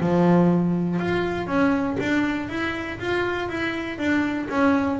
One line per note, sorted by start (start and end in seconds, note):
0.00 0.99 F3
0.99 1.47 F4
1.47 1.97 C#4
2.00 2.49 D4
2.49 2.99 E4
2.99 3.48 F4
3.48 3.98 E4
3.98 4.48 D4
4.49 4.99 C#4